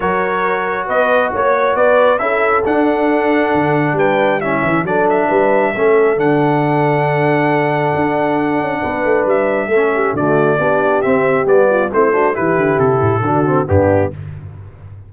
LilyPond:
<<
  \new Staff \with { instrumentName = "trumpet" } { \time 4/4 \tempo 4 = 136 cis''2 dis''4 cis''4 | d''4 e''4 fis''2~ | fis''4 g''4 e''4 d''8 e''8~ | e''2 fis''2~ |
fis''1~ | fis''4 e''2 d''4~ | d''4 e''4 d''4 c''4 | b'4 a'2 g'4 | }
  \new Staff \with { instrumentName = "horn" } { \time 4/4 ais'2 b'4 cis''4 | b'4 a'2.~ | a'4 b'4 e'4 a'4 | b'4 a'2.~ |
a'1 | b'2 a'8 g'8 fis'4 | g'2~ g'8 f'8 e'8 fis'8 | g'2 fis'4 d'4 | }
  \new Staff \with { instrumentName = "trombone" } { \time 4/4 fis'1~ | fis'4 e'4 d'2~ | d'2 cis'4 d'4~ | d'4 cis'4 d'2~ |
d'1~ | d'2 cis'4 a4 | d'4 c'4 b4 c'8 d'8 | e'2 d'8 c'8 b4 | }
  \new Staff \with { instrumentName = "tuba" } { \time 4/4 fis2 b4 ais4 | b4 cis'4 d'2 | d4 g4. e8 fis4 | g4 a4 d2~ |
d2 d'4. cis'8 | b8 a8 g4 a4 d4 | b4 c'4 g4 a4 | e8 d8 c8 a,8 d4 g,4 | }
>>